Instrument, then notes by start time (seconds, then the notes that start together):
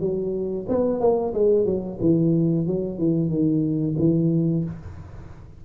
tuba
0.00 F#3
0.69 B3
1.00 A#3
1.34 G#3
1.65 F#3
2.01 E3
2.67 F#3
2.98 E3
3.29 D#3
3.99 E3